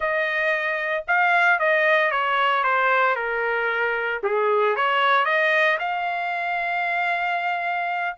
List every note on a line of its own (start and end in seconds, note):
0.00 1.04 D#5
1.07 1.59 F5
1.59 2.11 D#5
2.11 2.63 C#5
2.63 3.15 C5
3.15 4.21 A#4
4.23 4.75 G#4
4.76 5.25 C#5
5.25 5.78 D#5
5.79 8.16 F5